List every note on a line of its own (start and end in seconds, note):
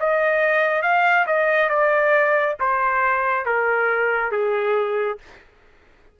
0.00 0.83 D#5
0.83 1.26 F5
1.27 1.70 D#5
1.70 2.57 D5
2.60 3.46 C5
3.46 4.32 A#4
4.32 5.19 G#4